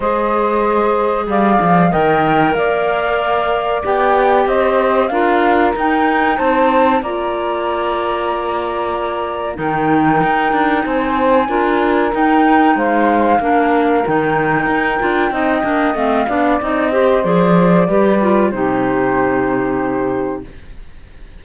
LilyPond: <<
  \new Staff \with { instrumentName = "flute" } { \time 4/4 \tempo 4 = 94 dis''2 f''4 g''4 | f''2 g''4 dis''4 | f''4 g''4 a''4 ais''4~ | ais''2. g''4~ |
g''4 gis''2 g''4 | f''2 g''2~ | g''4 f''4 dis''4 d''4~ | d''4 c''2. | }
  \new Staff \with { instrumentName = "saxophone" } { \time 4/4 c''2 d''4 dis''4 | d''2. c''4 | ais'2 c''4 d''4~ | d''2. ais'4~ |
ais'4 c''4 ais'2 | c''4 ais'2. | dis''4. d''4 c''4. | b'4 g'2. | }
  \new Staff \with { instrumentName = "clarinet" } { \time 4/4 gis'2. ais'4~ | ais'2 g'2 | f'4 dis'2 f'4~ | f'2. dis'4~ |
dis'2 f'4 dis'4~ | dis'4 d'4 dis'4. f'8 | dis'8 d'8 c'8 d'8 dis'8 g'8 gis'4 | g'8 f'8 dis'2. | }
  \new Staff \with { instrumentName = "cello" } { \time 4/4 gis2 g8 f8 dis4 | ais2 b4 c'4 | d'4 dis'4 c'4 ais4~ | ais2. dis4 |
dis'8 d'8 c'4 d'4 dis'4 | gis4 ais4 dis4 dis'8 d'8 | c'8 ais8 a8 b8 c'4 f4 | g4 c2. | }
>>